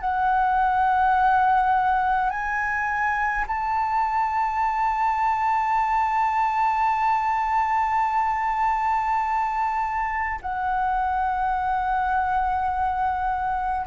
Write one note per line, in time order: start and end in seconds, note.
0.00 2.30 F#5
2.30 3.45 G#5
3.47 10.40 A5
10.41 13.86 F#5